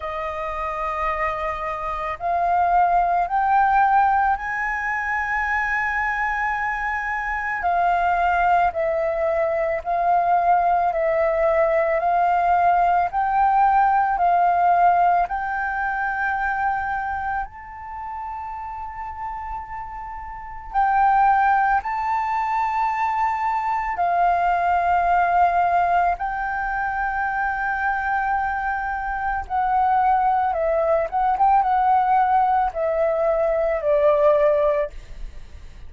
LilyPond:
\new Staff \with { instrumentName = "flute" } { \time 4/4 \tempo 4 = 55 dis''2 f''4 g''4 | gis''2. f''4 | e''4 f''4 e''4 f''4 | g''4 f''4 g''2 |
a''2. g''4 | a''2 f''2 | g''2. fis''4 | e''8 fis''16 g''16 fis''4 e''4 d''4 | }